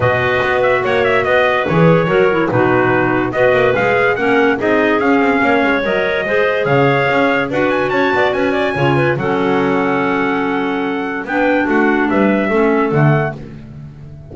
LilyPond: <<
  \new Staff \with { instrumentName = "trumpet" } { \time 4/4 \tempo 4 = 144 dis''4. e''8 fis''8 e''8 dis''4 | cis''2 b'2 | dis''4 f''4 fis''4 dis''4 | f''2 dis''2 |
f''2 fis''8 gis''8 a''4 | gis''2 fis''2~ | fis''2. g''4 | fis''4 e''2 fis''4 | }
  \new Staff \with { instrumentName = "clarinet" } { \time 4/4 b'2 cis''4 b'4~ | b'4 ais'4 fis'2 | b'2 ais'4 gis'4~ | gis'4 cis''2 c''4 |
cis''2 b'4 cis''8 d''8 | b'8 d''8 cis''8 b'8 a'2~ | a'2. b'4 | fis'4 b'4 a'2 | }
  \new Staff \with { instrumentName = "clarinet" } { \time 4/4 fis'1 | gis'4 fis'8 e'8 dis'2 | fis'4 gis'4 cis'4 dis'4 | cis'2 ais'4 gis'4~ |
gis'2 fis'2~ | fis'4 f'4 cis'2~ | cis'2. d'4~ | d'2 cis'4 a4 | }
  \new Staff \with { instrumentName = "double bass" } { \time 4/4 b,4 b4 ais4 b4 | e4 fis4 b,2 | b8 ais8 gis4 ais4 c'4 | cis'8 c'8 ais8 gis8 fis4 gis4 |
cis4 cis'4 d'4 cis'8 b8 | cis'4 cis4 fis2~ | fis2. b4 | a4 g4 a4 d4 | }
>>